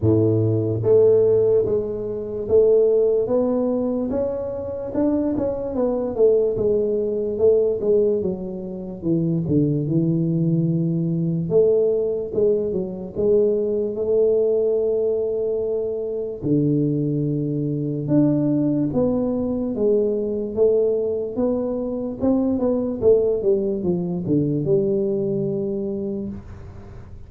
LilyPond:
\new Staff \with { instrumentName = "tuba" } { \time 4/4 \tempo 4 = 73 a,4 a4 gis4 a4 | b4 cis'4 d'8 cis'8 b8 a8 | gis4 a8 gis8 fis4 e8 d8 | e2 a4 gis8 fis8 |
gis4 a2. | d2 d'4 b4 | gis4 a4 b4 c'8 b8 | a8 g8 f8 d8 g2 | }